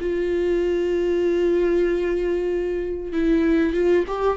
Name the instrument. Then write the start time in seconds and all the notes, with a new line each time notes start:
viola
0.00 F4
3.12 E4
3.73 F4
4.07 G4